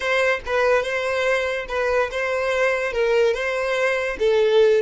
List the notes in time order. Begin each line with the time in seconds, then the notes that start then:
0.00 C5
0.45 B4
0.82 C5
1.68 B4
2.11 C5
2.92 A#4
3.34 C5
4.19 A4